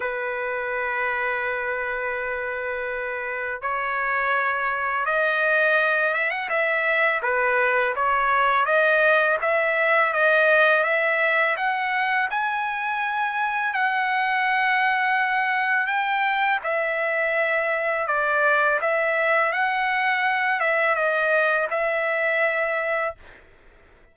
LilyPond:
\new Staff \with { instrumentName = "trumpet" } { \time 4/4 \tempo 4 = 83 b'1~ | b'4 cis''2 dis''4~ | dis''8 e''16 fis''16 e''4 b'4 cis''4 | dis''4 e''4 dis''4 e''4 |
fis''4 gis''2 fis''4~ | fis''2 g''4 e''4~ | e''4 d''4 e''4 fis''4~ | fis''8 e''8 dis''4 e''2 | }